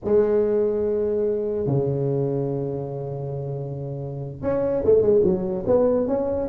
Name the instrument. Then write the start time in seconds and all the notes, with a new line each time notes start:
tuba
0.04 G#3
1.66 C#3
4.42 C#4
4.84 A3
5.01 G#3
5.23 F#3
5.66 B3
6.07 C#4